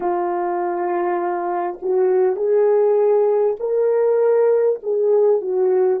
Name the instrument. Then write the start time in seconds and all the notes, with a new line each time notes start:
horn
0.00 F4
1.82 F#4
2.36 G#4
3.59 A#4
4.83 G#4
5.41 F#4